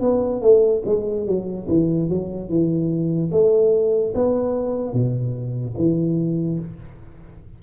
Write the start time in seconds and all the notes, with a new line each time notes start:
0.00 B3
0.41 A3
0.85 G#3
1.26 F#3
1.68 E3
2.09 F#3
2.49 E3
3.31 A3
4.14 B3
4.93 B2
5.77 E3